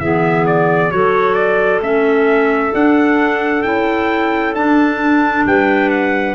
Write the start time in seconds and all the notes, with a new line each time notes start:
0.00 E3 B3 G#4 E5
0.47 D5
0.91 F#3 F#4 A4 C#5
1.34 D5
1.81 A3 C#4 E5
2.73 D4 F#5
3.63 C#4 E4 G5
4.55 D4 A5
5.46 G3 B4 G5
5.90 F#5